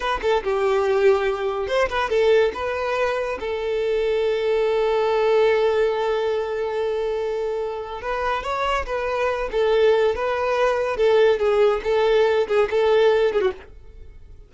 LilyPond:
\new Staff \with { instrumentName = "violin" } { \time 4/4 \tempo 4 = 142 b'8 a'8 g'2. | c''8 b'8 a'4 b'2 | a'1~ | a'1~ |
a'2. b'4 | cis''4 b'4. a'4. | b'2 a'4 gis'4 | a'4. gis'8 a'4. gis'16 fis'16 | }